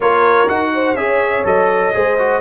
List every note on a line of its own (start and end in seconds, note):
0.00 0.49 A#3
0.00 0.48 F4
0.00 0.71 A#4
0.00 0.48 C#5
0.48 0.94 D#4
0.48 0.96 F#4
0.48 0.95 F#5
0.74 0.98 C5
0.94 1.43 C#4
0.94 1.44 G#4
0.94 1.95 C#5
0.94 1.44 E5
1.44 1.93 F#3
1.44 1.93 A4
1.44 2.41 D#5
1.93 2.41 G#3
1.93 2.17 G#4
1.93 2.41 C5
2.18 2.41 F#4